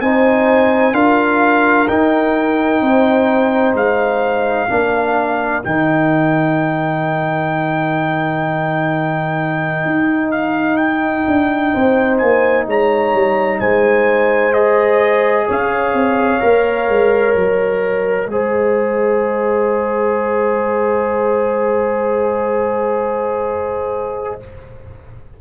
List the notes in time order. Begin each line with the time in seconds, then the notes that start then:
0.00 C4 D#4 C5 G#5
0.93 D4 F4 A#4 F5
1.88 D#4 G5
2.81 C4 C5
3.74 G#3 F5
4.69 A#3 D4 A#4
5.63 D#3 D#4 G5
9.85 D#4
10.31 F5
10.76 G5
11.27 D4
11.73 C4 C5
12.17 A#3 G#5
12.66 G#3 C#5 A#5
13.13 G3
13.60 G#3 C5 G#5
14.53 G#4 D#5
15.47 C#4 C#5 F5
15.93 C4
16.40 A#3 A#4
16.88 G#3
17.35 F#3 D#5
18.27 G#3 G#4 C5